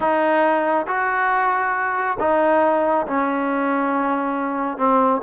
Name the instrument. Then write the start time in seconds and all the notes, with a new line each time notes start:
trombone
0.00 D#4
0.87 F#4
2.19 D#4
3.07 C#4
4.77 C4